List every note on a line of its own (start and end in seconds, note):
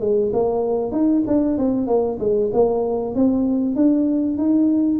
0.00 0.31 G#3
0.33 0.91 A#3
0.91 1.23 D#4
1.27 1.57 D4
1.57 1.87 C4
1.87 2.18 A#3
2.19 2.50 G#3
2.53 3.14 A#3
3.14 3.75 C4
3.75 4.37 D4
4.37 4.99 D#4